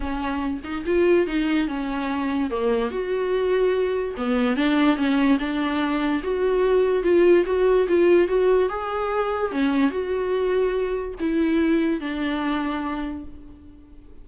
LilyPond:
\new Staff \with { instrumentName = "viola" } { \time 4/4 \tempo 4 = 145 cis'4. dis'8 f'4 dis'4 | cis'2 ais4 fis'4~ | fis'2 b4 d'4 | cis'4 d'2 fis'4~ |
fis'4 f'4 fis'4 f'4 | fis'4 gis'2 cis'4 | fis'2. e'4~ | e'4 d'2. | }